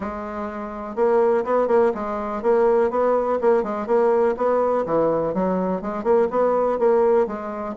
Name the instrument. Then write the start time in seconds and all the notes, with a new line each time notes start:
bassoon
0.00 G#3
0.95 A#3
1.44 B3
1.67 A#3
1.94 G#3
2.42 A#3
2.90 B3
3.41 A#3
3.63 G#3
3.86 A#3
4.36 B3
4.85 E3
5.34 F#3
5.81 G#3
6.03 A#3
6.30 B3
6.79 A#3
7.26 G#3